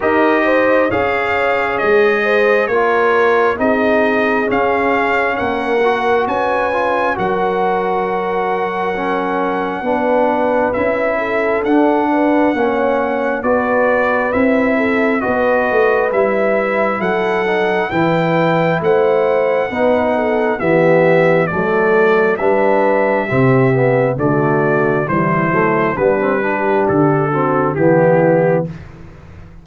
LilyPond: <<
  \new Staff \with { instrumentName = "trumpet" } { \time 4/4 \tempo 4 = 67 dis''4 f''4 dis''4 cis''4 | dis''4 f''4 fis''4 gis''4 | fis''1 | e''4 fis''2 d''4 |
e''4 dis''4 e''4 fis''4 | g''4 fis''2 e''4 | d''4 e''2 d''4 | c''4 b'4 a'4 g'4 | }
  \new Staff \with { instrumentName = "horn" } { \time 4/4 ais'8 c''8 cis''4. c''8 ais'4 | gis'2 ais'4 b'4 | ais'2. b'4~ | b'8 a'4 b'8 cis''4 b'4~ |
b'8 a'8 b'2 a'4 | b'4 c''4 b'8 a'8 g'4 | a'4 b'4 g'4 fis'4 | e'4 d'8 g'4 fis'8 e'4 | }
  \new Staff \with { instrumentName = "trombone" } { \time 4/4 g'4 gis'2 f'4 | dis'4 cis'4. fis'4 f'8 | fis'2 cis'4 d'4 | e'4 d'4 cis'4 fis'4 |
e'4 fis'4 e'4. dis'8 | e'2 dis'4 b4 | a4 d'4 c'8 b8 a4 | g8 a8 b16 c'16 d'4 c'8 b4 | }
  \new Staff \with { instrumentName = "tuba" } { \time 4/4 dis'4 cis'4 gis4 ais4 | c'4 cis'4 ais4 cis'4 | fis2. b4 | cis'4 d'4 ais4 b4 |
c'4 b8 a8 g4 fis4 | e4 a4 b4 e4 | fis4 g4 c4 d4 | e8 fis8 g4 d4 e4 | }
>>